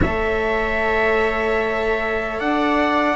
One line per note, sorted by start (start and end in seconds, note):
0.01 2.40 A3
0.01 3.16 A4
0.01 2.39 C#5
0.01 2.40 E5
2.39 3.16 D4
2.39 3.16 D5
2.39 3.16 F#5